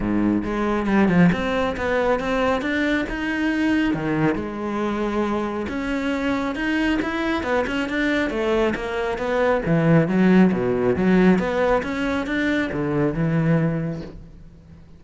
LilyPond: \new Staff \with { instrumentName = "cello" } { \time 4/4 \tempo 4 = 137 gis,4 gis4 g8 f8 c'4 | b4 c'4 d'4 dis'4~ | dis'4 dis4 gis2~ | gis4 cis'2 dis'4 |
e'4 b8 cis'8 d'4 a4 | ais4 b4 e4 fis4 | b,4 fis4 b4 cis'4 | d'4 d4 e2 | }